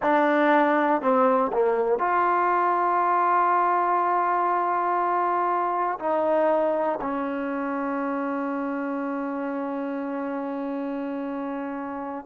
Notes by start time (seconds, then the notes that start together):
0.02 D4
1.01 C4
1.52 A#3
1.99 F4
5.99 D#4
7.00 C#4